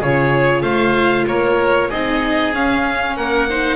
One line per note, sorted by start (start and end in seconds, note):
0.00 0.62 C#3
0.00 1.92 F4
0.00 0.63 G#4
0.00 0.62 C#5
0.62 1.26 A3
0.62 1.26 C5
0.62 1.25 F5
1.27 1.90 A#3
1.27 1.89 A#4
1.27 1.91 C#5
1.89 2.54 C4
1.89 2.54 D#4
1.89 3.16 G#4
1.89 2.54 D#5
2.54 3.48 C#4
2.54 3.17 C#4
2.54 3.17 F5
3.17 3.77 A#3
3.17 3.49 A#4
3.17 3.77 F#5
3.50 3.77 D#4
3.50 3.77 C5